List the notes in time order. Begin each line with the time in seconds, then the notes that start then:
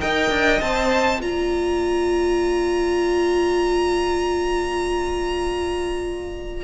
0.00 D#4 A#4 D#5 G5
0.30 D4
0.60 C4 C5 A5
1.20 A#3 F4 D5 A#5